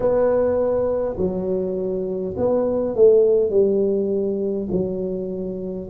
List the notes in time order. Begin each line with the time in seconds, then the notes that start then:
0.00 B3
1.17 F#3
2.36 B3
2.95 A3
3.50 G3
4.71 F#3